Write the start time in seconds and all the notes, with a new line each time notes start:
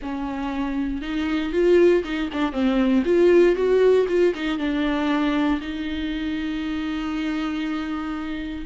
0.02 C#4
1.01 D#4
1.52 F4
2.04 D#4
2.33 D4
2.52 C4
3.05 F4
3.55 F#4
4.08 F4
4.35 D#4
4.58 D4
5.60 D#4